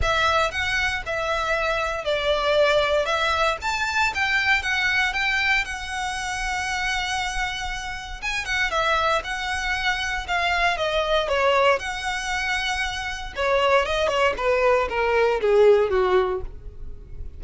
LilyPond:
\new Staff \with { instrumentName = "violin" } { \time 4/4 \tempo 4 = 117 e''4 fis''4 e''2 | d''2 e''4 a''4 | g''4 fis''4 g''4 fis''4~ | fis''1 |
gis''8 fis''8 e''4 fis''2 | f''4 dis''4 cis''4 fis''4~ | fis''2 cis''4 dis''8 cis''8 | b'4 ais'4 gis'4 fis'4 | }